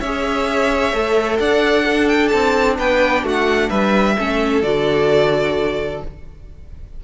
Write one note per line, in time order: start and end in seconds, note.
0.00 0.93 C#4
0.00 0.93 G#4
0.00 1.38 C#5
0.00 1.39 E5
0.93 1.39 A3
0.93 1.85 A4
1.40 2.32 D4
1.40 1.85 D5
1.40 2.08 F#5
1.85 4.16 D4
1.85 2.77 A4
2.08 2.28 G5
2.28 2.78 C4
2.28 2.74 A5
2.78 3.23 B3
2.78 3.25 B4
2.78 3.25 G5
3.23 3.69 A3
3.23 3.70 F#4
3.23 3.70 F#5
3.70 4.17 G3
3.70 4.16 B4
3.70 4.62 E5
4.18 4.62 A3
4.18 4.63 C#4
4.18 6.04 A4
4.62 6.01 D3
4.62 6.01 F#4
4.62 6.01 D5